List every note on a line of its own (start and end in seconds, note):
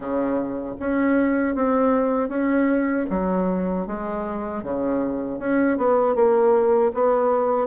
0.00 0.74 C#3
0.79 1.55 C#4
1.55 2.29 C4
2.29 3.06 C#4
3.09 3.86 F#3
3.86 4.63 G#3
4.63 5.38 C#3
5.38 5.77 C#4
5.77 6.15 B3
6.15 6.92 A#3
6.93 7.67 B3